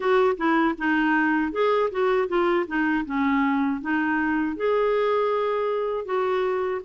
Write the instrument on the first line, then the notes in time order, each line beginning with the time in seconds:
clarinet
0.00 F#4
0.37 E4
0.78 D#4
1.52 G#4
1.91 F#4
2.28 F4
2.67 D#4
3.06 C#4
3.81 D#4
4.56 G#4
6.05 F#4